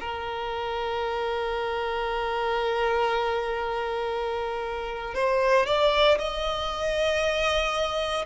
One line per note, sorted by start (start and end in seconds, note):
0.00 5.14 A#4
5.14 5.66 C5
5.66 6.18 D5
6.18 8.25 D#5